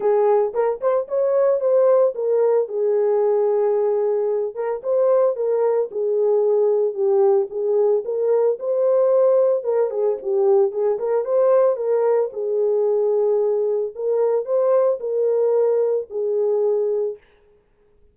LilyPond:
\new Staff \with { instrumentName = "horn" } { \time 4/4 \tempo 4 = 112 gis'4 ais'8 c''8 cis''4 c''4 | ais'4 gis'2.~ | gis'8 ais'8 c''4 ais'4 gis'4~ | gis'4 g'4 gis'4 ais'4 |
c''2 ais'8 gis'8 g'4 | gis'8 ais'8 c''4 ais'4 gis'4~ | gis'2 ais'4 c''4 | ais'2 gis'2 | }